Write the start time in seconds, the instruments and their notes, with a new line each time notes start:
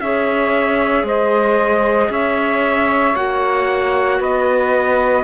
0.00 cello C#4, clarinet G#4, saxophone C#5, trumpet E5
1.04 cello G#3, saxophone C5, trumpet D#5
2.10 cello C#4, saxophone C#5, trumpet E5
3.16 cello A#3, clarinet F#4, trumpet F#5
4.19 cello B3, saxophone B4, trumpet D#5